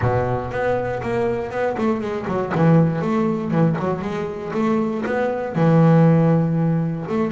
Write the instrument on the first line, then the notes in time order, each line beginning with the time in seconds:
double bass
0.01 B2
0.51 B3
1.02 A#3
1.50 B3
1.77 A3
2.01 G#3
2.27 F#3
2.55 E3
3.01 A3
3.51 E3
3.78 F#3
4.01 G#3
4.53 A3
5.05 B3
5.55 E3
7.08 A3